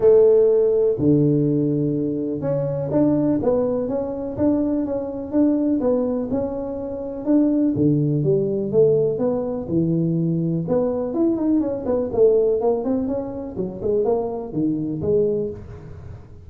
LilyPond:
\new Staff \with { instrumentName = "tuba" } { \time 4/4 \tempo 4 = 124 a2 d2~ | d4 cis'4 d'4 b4 | cis'4 d'4 cis'4 d'4 | b4 cis'2 d'4 |
d4 g4 a4 b4 | e2 b4 e'8 dis'8 | cis'8 b8 a4 ais8 c'8 cis'4 | fis8 gis8 ais4 dis4 gis4 | }